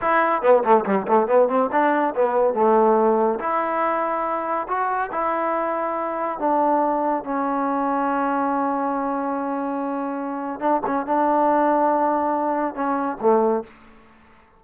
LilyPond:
\new Staff \with { instrumentName = "trombone" } { \time 4/4 \tempo 4 = 141 e'4 b8 a8 g8 a8 b8 c'8 | d'4 b4 a2 | e'2. fis'4 | e'2. d'4~ |
d'4 cis'2.~ | cis'1~ | cis'4 d'8 cis'8 d'2~ | d'2 cis'4 a4 | }